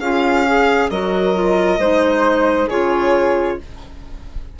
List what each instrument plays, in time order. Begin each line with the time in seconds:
0.00 bassoon C#4, clarinet F4, flute G#4, violin F5
0.47 clarinet G#4
0.90 bassoon F#3, clarinet F#4, flute A#4, violin D#5
1.35 clarinet F4
1.79 bassoon G#3, clarinet D#4, flute C5
2.68 bassoon C#3, clarinet F4, flute G#4, violin C#5